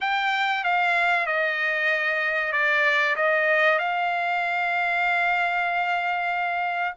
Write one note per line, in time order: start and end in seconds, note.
0.00 0.63 G5
0.63 1.26 F5
1.26 2.52 D#5
2.52 3.15 D5
3.16 3.78 D#5
3.78 6.94 F5